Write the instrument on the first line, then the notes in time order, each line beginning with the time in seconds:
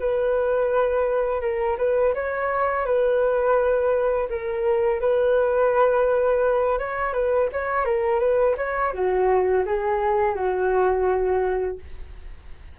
flute
0.00 B4
1.42 A#4
1.79 B4
2.15 C#5
2.86 B4
4.30 A#4
5.01 B4
6.79 C#5
7.14 B4
7.53 C#5
7.86 A#4
8.20 B4
8.58 C#5
8.94 F#4
9.66 G#4
10.36 F#4